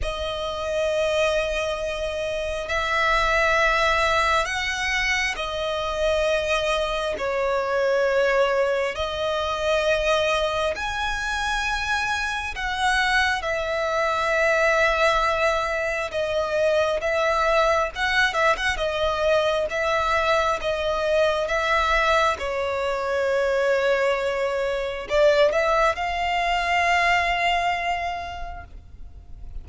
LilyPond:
\new Staff \with { instrumentName = "violin" } { \time 4/4 \tempo 4 = 67 dis''2. e''4~ | e''4 fis''4 dis''2 | cis''2 dis''2 | gis''2 fis''4 e''4~ |
e''2 dis''4 e''4 | fis''8 e''16 fis''16 dis''4 e''4 dis''4 | e''4 cis''2. | d''8 e''8 f''2. | }